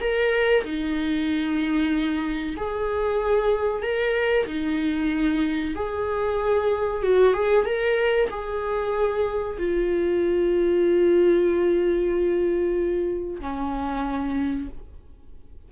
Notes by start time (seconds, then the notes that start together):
0.00 A#4
0.64 D#4
2.56 G#4
3.82 A#4
4.46 D#4
5.75 G#4
7.02 F#4
7.33 G#4
7.65 A#4
8.29 G#4
9.58 F4
13.40 C#4